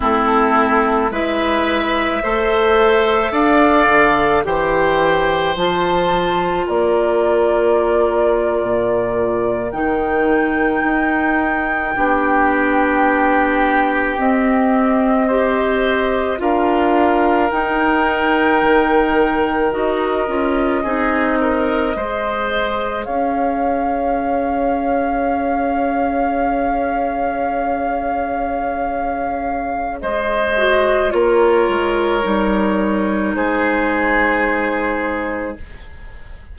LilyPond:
<<
  \new Staff \with { instrumentName = "flute" } { \time 4/4 \tempo 4 = 54 a'4 e''2 f''4 | g''4 a''4 d''2~ | d''8. g''2.~ g''16~ | g''8. dis''2 f''4 g''16~ |
g''4.~ g''16 dis''2~ dis''16~ | dis''8. f''2.~ f''16~ | f''2. dis''4 | cis''2 c''2 | }
  \new Staff \with { instrumentName = "oboe" } { \time 4/4 e'4 b'4 c''4 d''4 | c''2 ais'2~ | ais'2~ ais'8. g'4~ g'16~ | g'4.~ g'16 c''4 ais'4~ ais'16~ |
ais'2~ ais'8. gis'8 ais'8 c''16~ | c''8. cis''2.~ cis''16~ | cis''2. c''4 | ais'2 gis'2 | }
  \new Staff \with { instrumentName = "clarinet" } { \time 4/4 c'4 e'4 a'2 | g'4 f'2.~ | f'8. dis'2 d'4~ d'16~ | d'8. c'4 g'4 f'4 dis'16~ |
dis'4.~ dis'16 fis'8 f'8 dis'4 gis'16~ | gis'1~ | gis'2.~ gis'8 fis'8 | f'4 dis'2. | }
  \new Staff \with { instrumentName = "bassoon" } { \time 4/4 a4 gis4 a4 d'8 d8 | e4 f4 ais4.~ ais16 ais,16~ | ais,8. dis4 dis'4 b4~ b16~ | b8. c'2 d'4 dis'16~ |
dis'8. dis4 dis'8 cis'8 c'4 gis16~ | gis8. cis'2.~ cis'16~ | cis'2. gis4 | ais8 gis8 g4 gis2 | }
>>